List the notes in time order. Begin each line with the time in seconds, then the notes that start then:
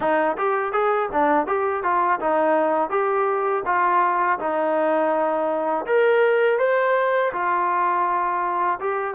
0.00 D#4
0.37 G4
0.72 G#4
1.11 D4
1.46 G4
1.83 F4
2.20 D#4
2.89 G4
3.65 F4
4.39 D#4
5.85 A#4
6.59 C5
7.32 F4
8.80 G4